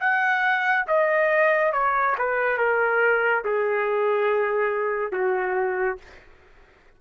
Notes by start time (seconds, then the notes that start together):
0.00 F#5
0.87 D#5
1.73 C#5
2.18 B4
2.58 A#4
3.44 G#4
5.12 F#4